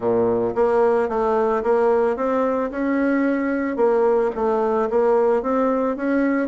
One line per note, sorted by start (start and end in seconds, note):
0.00 0.54 A#2
0.55 1.08 A#3
1.08 1.62 A3
1.63 2.16 A#3
2.16 2.70 C4
2.70 3.76 C#4
3.76 4.30 A#3
4.35 4.89 A3
4.90 5.42 A#3
5.42 5.96 C4
5.96 6.48 C#4